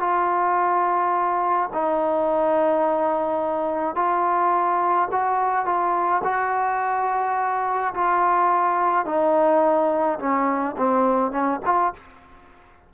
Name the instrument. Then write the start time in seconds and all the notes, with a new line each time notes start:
trombone
0.00 F4
1.73 D#4
3.96 F4
5.12 F#4
5.66 F4
6.24 F#4
7.95 F4
9.06 D#4
10.19 C#4
10.78 C4
11.32 C#4
11.66 F4